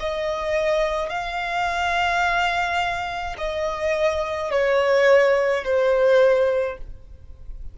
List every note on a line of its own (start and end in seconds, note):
0.00 1.10 D#5
1.10 3.36 F5
3.38 4.51 D#5
4.51 5.64 C#5
5.64 6.78 C5